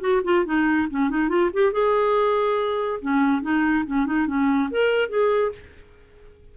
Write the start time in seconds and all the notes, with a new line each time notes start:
0.00 F#4
0.24 F4
0.45 D#4
0.90 C#4
1.09 D#4
1.29 F4
1.53 G4
1.72 G#4
3.01 C#4
3.42 D#4
3.85 C#4
4.06 D#4
4.26 C#4
4.70 A#4
5.09 G#4